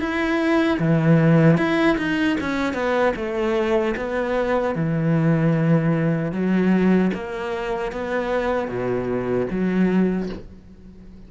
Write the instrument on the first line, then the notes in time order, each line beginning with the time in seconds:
cello
0.00 E4
0.80 E3
1.58 E4
1.98 D#4
2.41 C#4
2.74 B3
3.17 A3
3.97 B3
4.75 E3
6.32 F#3
7.14 A#3
7.92 B3
8.68 B2
9.51 F#3